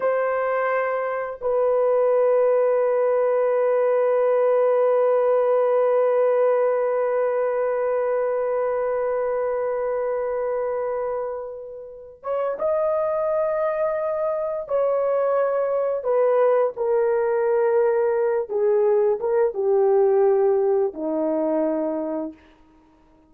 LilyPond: \new Staff \with { instrumentName = "horn" } { \time 4/4 \tempo 4 = 86 c''2 b'2~ | b'1~ | b'1~ | b'1~ |
b'4. cis''8 dis''2~ | dis''4 cis''2 b'4 | ais'2~ ais'8 gis'4 ais'8 | g'2 dis'2 | }